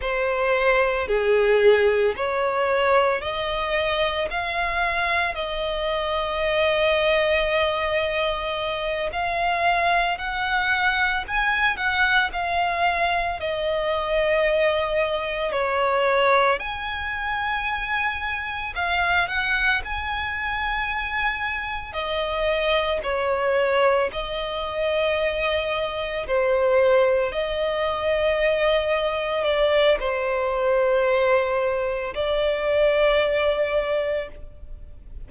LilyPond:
\new Staff \with { instrumentName = "violin" } { \time 4/4 \tempo 4 = 56 c''4 gis'4 cis''4 dis''4 | f''4 dis''2.~ | dis''8 f''4 fis''4 gis''8 fis''8 f''8~ | f''8 dis''2 cis''4 gis''8~ |
gis''4. f''8 fis''8 gis''4.~ | gis''8 dis''4 cis''4 dis''4.~ | dis''8 c''4 dis''2 d''8 | c''2 d''2 | }